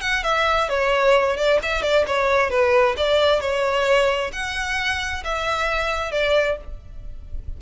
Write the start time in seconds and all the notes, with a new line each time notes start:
0.00 F#5
0.23 E5
0.68 C#5
1.36 D5
1.62 E5
1.82 D5
2.07 C#5
2.50 B4
2.97 D5
3.40 C#5
4.32 F#5
5.24 E5
6.11 D5